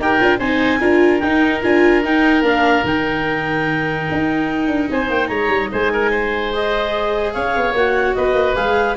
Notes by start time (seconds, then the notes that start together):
0.00 D#4 G4 A#4 G5
0.19 D4 F4
0.39 C4 D#4 C5 G#5
0.80 D4 F4 A#4
1.20 D#4 G5
1.63 D4 F4 G#5
2.04 D#4 G5
2.42 A#3 D4 F5
2.84 D#3 D#4 G5
4.11 D#4
4.68 D4
4.91 C4 C5 G#5
5.10 A#3 G5
5.28 G#3 C#5 A#5
5.49 G3
5.72 G#3 C5 G#5
5.93 A#4
6.11 C5
6.53 G#4 D#5
7.33 C#4 C#5 F5
7.56 B3
7.73 A#3 F#4 F#5
8.15 B3 B4 D#5
8.34 A#3
8.55 G#3 G#4 F5